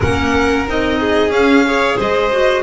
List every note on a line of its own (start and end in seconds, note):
0.00 0.67 A#3
0.00 0.67 C#4
0.00 0.98 A#4
0.00 0.67 F#5
0.67 1.29 C4
0.67 1.30 D#4
0.67 1.31 D#5
1.00 1.66 G#4
1.29 1.95 C#4
1.29 1.63 C#4
1.29 1.97 F5
1.65 2.31 G#4
1.65 1.96 C#5
1.96 2.63 G#3
1.96 2.62 C5
1.96 2.63 D#5
2.31 2.63 F#4